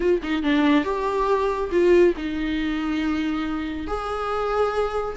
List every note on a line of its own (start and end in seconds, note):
0.00 0.21 F4
0.23 0.42 D#4
0.42 0.84 D4
0.84 1.70 G4
1.71 2.14 F4
2.17 3.87 D#4
3.87 5.15 G#4